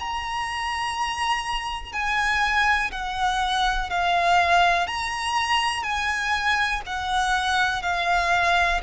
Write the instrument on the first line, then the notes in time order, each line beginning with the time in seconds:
violin
0.00 A#5
1.93 G#5
2.92 F#5
3.90 F5
4.88 A#5
5.83 G#5
6.87 F#5
7.82 F5